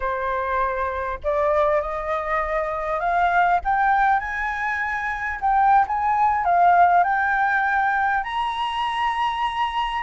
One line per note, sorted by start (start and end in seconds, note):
0.00 1.19 C5
1.23 1.81 D5
1.81 3.00 D#5
3.00 3.60 F5
3.64 4.19 G5
4.19 5.39 G#5
5.40 5.85 G5
5.87 6.44 G#5
6.44 7.03 F5
7.03 8.23 G5
8.23 10.03 A#5